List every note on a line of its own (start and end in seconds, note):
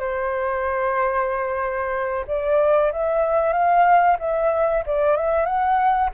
0.00 2.26 C5
2.28 2.92 D5
2.93 3.53 E5
3.53 4.18 F5
4.20 4.84 E5
4.87 5.17 D5
5.17 5.46 E5
5.46 6.11 F#5